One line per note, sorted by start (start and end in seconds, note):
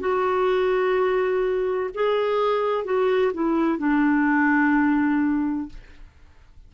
0.00 1.90 F#4
1.94 2.85 G#4
2.85 3.32 F#4
3.34 3.78 E4
3.78 5.69 D4